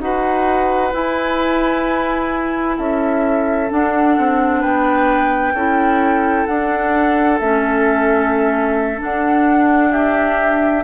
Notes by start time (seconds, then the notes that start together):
0.00 D#4 F#4 B4 F#5
0.92 E4 G#5
2.77 C#4 A4 E5
3.69 D4 F#5
4.18 C4
4.60 B3 B4 G5
5.53 C#4 E4 A4
6.46 D4 F#5
7.39 A3 C#4 E5
8.98 D4 F#5
9.91 G4 E5